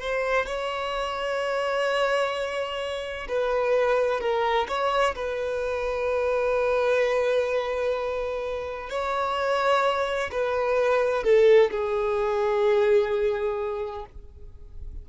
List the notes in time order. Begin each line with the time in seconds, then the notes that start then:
0.00 C5
0.46 C#5
3.28 B4
4.20 A#4
4.68 C#5
5.15 B4
8.89 C#5
10.32 B4
11.23 A4
11.71 G#4